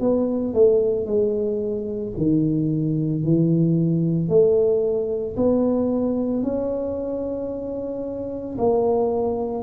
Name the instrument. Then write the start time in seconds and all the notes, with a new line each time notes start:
tuba
0.00 B3
0.54 A3
1.06 G#3
2.17 D#3
3.24 E3
4.29 A3
5.37 B3
6.43 C#4
8.58 A#3